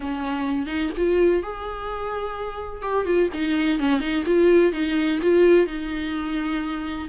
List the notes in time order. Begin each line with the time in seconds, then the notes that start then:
0.00 C#4
0.66 D#4
0.97 F4
1.42 G#4
2.82 G4
3.05 F4
3.33 D#4
3.79 C#4
3.99 D#4
4.26 F4
4.72 D#4
5.22 F4
5.66 D#4